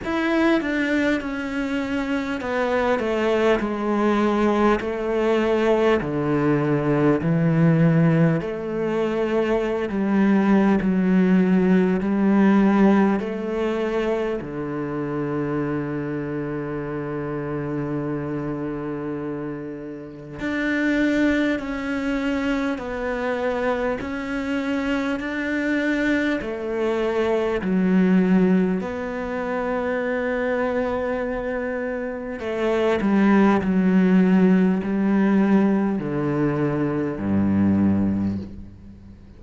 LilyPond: \new Staff \with { instrumentName = "cello" } { \time 4/4 \tempo 4 = 50 e'8 d'8 cis'4 b8 a8 gis4 | a4 d4 e4 a4~ | a16 g8. fis4 g4 a4 | d1~ |
d4 d'4 cis'4 b4 | cis'4 d'4 a4 fis4 | b2. a8 g8 | fis4 g4 d4 g,4 | }